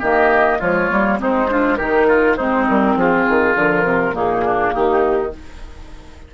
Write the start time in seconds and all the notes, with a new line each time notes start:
0.00 D#3 A#3 G4 D#5
0.60 F3 G#3 F4 C#5
0.89 G3 A#3
1.19 G#3 C4 D#4 C5
1.49 D4 F4
1.77 D#3 D#4 G4 A#4
2.08 F4
2.37 G#3 C4 D#4 C5
2.69 G3 A#4
2.96 F3 F4 G#4
3.29 D#3
3.56 D3 F3 A#4
3.85 C3
4.13 A#2 A#3 D#4 G#4
4.46 D4
4.74 D#3 D#4 G4